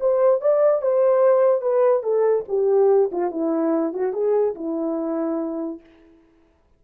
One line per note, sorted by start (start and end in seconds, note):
0.00 0.41 C5
0.41 0.82 D5
0.82 1.61 C5
1.61 2.03 B4
2.03 2.45 A4
2.48 3.11 G4
3.12 3.31 F4
3.31 3.93 E4
3.93 4.13 F#4
4.13 4.55 G#4
4.55 5.80 E4